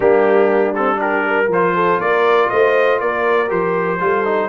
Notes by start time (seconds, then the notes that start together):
0.00 G3 A#3 D4 G4
0.74 C4 A4
0.95 D4 G4 A#4
1.27 A#4
1.47 F3 F4 C5
1.75 A4
1.99 A#3 A#4 D5
2.49 A3 C5 D#5
3.00 A#3 A#4 D5
3.48 F3 G4 C5
4.00 G3 F4 A4
4.25 D#4